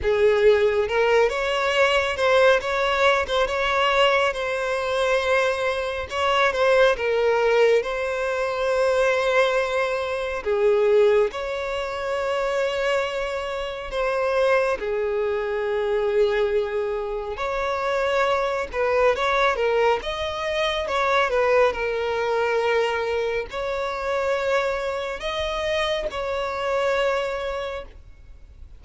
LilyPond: \new Staff \with { instrumentName = "violin" } { \time 4/4 \tempo 4 = 69 gis'4 ais'8 cis''4 c''8 cis''8. c''16 | cis''4 c''2 cis''8 c''8 | ais'4 c''2. | gis'4 cis''2. |
c''4 gis'2. | cis''4. b'8 cis''8 ais'8 dis''4 | cis''8 b'8 ais'2 cis''4~ | cis''4 dis''4 cis''2 | }